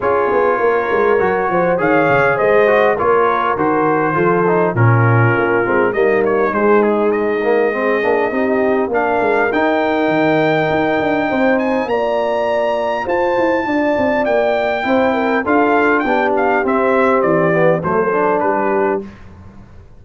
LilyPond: <<
  \new Staff \with { instrumentName = "trumpet" } { \time 4/4 \tempo 4 = 101 cis''2. f''4 | dis''4 cis''4 c''2 | ais'2 dis''8 cis''8 c''8 gis'8 | dis''2. f''4 |
g''2.~ g''8 gis''8 | ais''2 a''2 | g''2 f''4 g''8 f''8 | e''4 d''4 c''4 b'4 | }
  \new Staff \with { instrumentName = "horn" } { \time 4/4 gis'4 ais'4. c''8 cis''4 | c''4 ais'2 a'4 | f'2 dis'2~ | dis'4 gis'4 g'4 ais'4~ |
ais'2. c''4 | d''2 c''4 d''4~ | d''4 c''8 ais'8 a'4 g'4~ | g'2 a'4 g'4 | }
  \new Staff \with { instrumentName = "trombone" } { \time 4/4 f'2 fis'4 gis'4~ | gis'8 fis'8 f'4 fis'4 f'8 dis'8 | cis'4. c'8 ais4 gis4~ | gis8 ais8 c'8 d'8 dis'4 d'4 |
dis'1 | f'1~ | f'4 e'4 f'4 d'4 | c'4. b8 a8 d'4. | }
  \new Staff \with { instrumentName = "tuba" } { \time 4/4 cis'8 b8 ais8 gis8 fis8 f8 dis8 cis8 | gis4 ais4 dis4 f4 | ais,4 ais8 gis8 g4 gis4~ | gis4. ais8 c'4 ais8 gis8 |
dis'4 dis4 dis'8 d'8 c'4 | ais2 f'8 e'8 d'8 c'8 | ais4 c'4 d'4 b4 | c'4 e4 fis4 g4 | }
>>